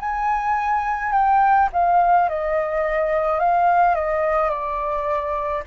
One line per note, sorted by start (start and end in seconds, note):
0.00 1.13 G#5
1.13 1.69 G5
1.73 2.29 F5
2.29 3.40 D#5
3.40 3.95 F5
3.95 4.50 D#5
4.50 5.63 D5